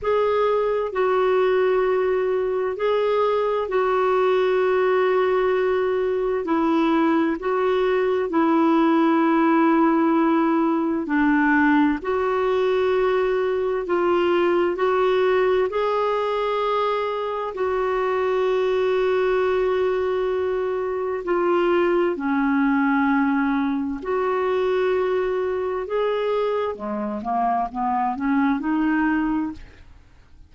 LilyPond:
\new Staff \with { instrumentName = "clarinet" } { \time 4/4 \tempo 4 = 65 gis'4 fis'2 gis'4 | fis'2. e'4 | fis'4 e'2. | d'4 fis'2 f'4 |
fis'4 gis'2 fis'4~ | fis'2. f'4 | cis'2 fis'2 | gis'4 gis8 ais8 b8 cis'8 dis'4 | }